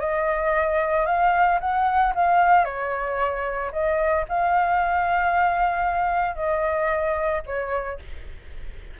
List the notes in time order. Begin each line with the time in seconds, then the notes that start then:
0.00 D#5
1.06 F5
1.60 F#5
2.15 F5
2.65 C#5
3.72 D#5
4.29 F5
6.35 D#5
7.46 C#5